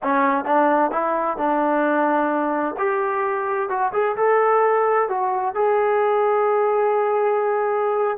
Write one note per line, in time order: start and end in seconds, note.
0.02 0.44 C#4
0.44 0.91 D4
0.91 1.37 E4
1.37 2.75 D4
2.78 3.69 G4
3.69 3.92 F#4
3.93 4.16 G#4
4.16 5.08 A4
5.09 5.54 F#4
5.54 8.17 G#4